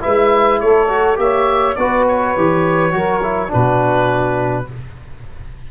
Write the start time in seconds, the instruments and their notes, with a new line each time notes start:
0.00 tuba G#3, trombone E4, saxophone B4, oboe E5
0.60 tuba A3, saxophone A4, oboe C#5
0.88 trombone F#4
1.16 tuba A#3, trombone G4, saxophone C#5, oboe E5
1.75 tuba B3, trombone F#4, saxophone B4, oboe D5
2.08 oboe C#5
2.37 tuba E3, trombone G4
2.91 tuba F#3, trombone F#4, saxophone A#4
3.22 trombone E4
3.48 tuba B2, trombone D4, saxophone F#4, oboe B4